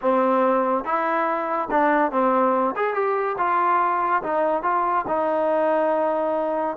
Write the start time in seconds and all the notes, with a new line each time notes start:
0.01 C4
0.84 E4
1.70 D4
2.11 C4
2.75 G#4
2.94 G4
3.38 F4
4.22 D#4
4.63 F4
5.07 D#4